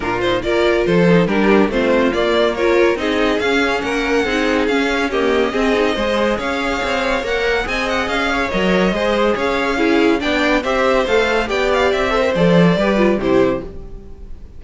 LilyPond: <<
  \new Staff \with { instrumentName = "violin" } { \time 4/4 \tempo 4 = 141 ais'8 c''8 d''4 c''4 ais'4 | c''4 d''4 cis''4 dis''4 | f''4 fis''2 f''4 | dis''2. f''4~ |
f''4 fis''4 gis''8 fis''8 f''4 | dis''2 f''2 | g''4 e''4 f''4 g''8 f''8 | e''4 d''2 c''4 | }
  \new Staff \with { instrumentName = "violin" } { \time 4/4 f'4 ais'4 a'4 g'4 | f'2 ais'4 gis'4~ | gis'4 ais'4 gis'2 | g'4 gis'4 c''4 cis''4~ |
cis''2 dis''4. cis''8~ | cis''4 c''4 cis''4 gis'4 | d''4 c''2 d''4~ | d''8 c''4. b'4 g'4 | }
  \new Staff \with { instrumentName = "viola" } { \time 4/4 d'8 dis'8 f'4. dis'8 d'4 | c'4 ais4 f'4 dis'4 | cis'2 dis'4 cis'4 | ais4 c'8 dis'8 gis'2~ |
gis'4 ais'4 gis'2 | ais'4 gis'2 e'4 | d'4 g'4 a'4 g'4~ | g'8 a'16 ais'16 a'4 g'8 f'8 e'4 | }
  \new Staff \with { instrumentName = "cello" } { \time 4/4 ais,4 ais4 f4 g4 | a4 ais2 c'4 | cis'4 ais4 c'4 cis'4~ | cis'4 c'4 gis4 cis'4 |
c'4 ais4 c'4 cis'4 | fis4 gis4 cis'2 | b4 c'4 a4 b4 | c'4 f4 g4 c4 | }
>>